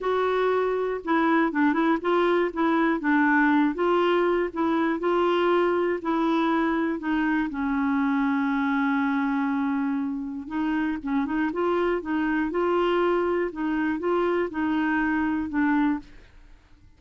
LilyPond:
\new Staff \with { instrumentName = "clarinet" } { \time 4/4 \tempo 4 = 120 fis'2 e'4 d'8 e'8 | f'4 e'4 d'4. f'8~ | f'4 e'4 f'2 | e'2 dis'4 cis'4~ |
cis'1~ | cis'4 dis'4 cis'8 dis'8 f'4 | dis'4 f'2 dis'4 | f'4 dis'2 d'4 | }